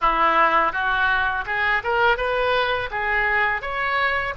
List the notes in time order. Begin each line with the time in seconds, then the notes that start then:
0.01 E4
0.72 F#4
1.46 G#4
1.83 A#4
2.17 B4
2.90 G#4
3.61 C#5